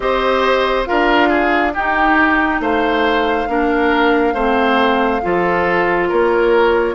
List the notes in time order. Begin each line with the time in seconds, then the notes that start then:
0.00 C4 G4 C5 D#5
0.85 D4 F4 A#4 F5
1.28 G#4
1.74 D#4 G4 G5
2.60 A3 C5 F5
3.47 A#3 D4 A#4
4.33 A3 C4 C5
5.21 F3 F4 A4
6.09 A#3 A#4 C#5